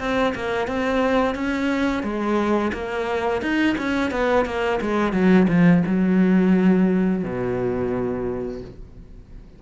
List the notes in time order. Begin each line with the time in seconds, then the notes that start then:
0.00 C4
0.35 A#3
0.68 C4
1.35 C#4
2.03 G#3
2.73 A#3
3.42 D#4
3.78 C#4
4.11 B3
4.46 A#3
4.82 G#3
5.13 F#3
5.49 F3
5.87 F#3
7.24 B2